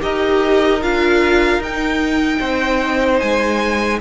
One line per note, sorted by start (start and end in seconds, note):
0.00 0.83 D#4
0.00 0.80 G4
0.00 2.39 A#4
0.00 0.83 D#5
0.82 1.59 D4
0.82 1.62 F4
0.82 1.62 F5
1.59 2.39 D#4
1.59 4.01 D#4
1.59 3.19 G5
2.39 3.21 C4
2.39 3.99 C5
3.19 4.01 G#3
3.19 3.99 G#5